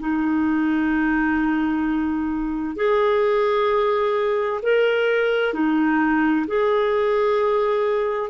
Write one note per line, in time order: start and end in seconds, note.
0.00 2.77 D#4
2.77 4.61 G#4
4.63 5.54 A#4
5.54 6.46 D#4
6.48 8.30 G#4